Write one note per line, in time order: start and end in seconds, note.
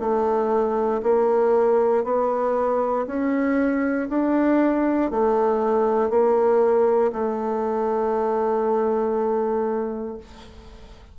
0.00 1.02 A3
1.03 2.04 A#3
2.04 3.06 B3
3.07 4.09 C#4
4.10 5.11 D4
5.11 6.10 A3
6.10 7.12 A#3
7.13 10.18 A3